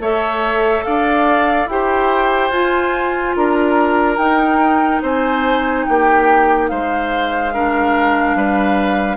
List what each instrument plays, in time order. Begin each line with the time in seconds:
0.00 bassoon A3, clarinet A4, oboe C#5, flute E5
0.85 bassoon D4, oboe D5, flute F5
1.66 bassoon E4, clarinet G4, oboe C5, flute G5
2.50 bassoon F4, clarinet F4, flute G#5
3.36 bassoon D4, oboe A#4, flute A#5
4.18 bassoon D#4, clarinet D#4, flute G5
5.02 bassoon C4, oboe C5, flute G#5
5.86 bassoon A#3, oboe G4, flute G5
6.69 bassoon G#3, oboe C5, flute F5
7.54 clarinet D4, oboe A#4
8.36 bassoon G3, oboe B4